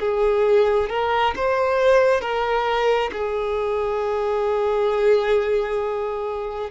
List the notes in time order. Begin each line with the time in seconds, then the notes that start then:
0.00 G#4
0.90 A#4
1.36 C5
2.21 A#4
3.13 G#4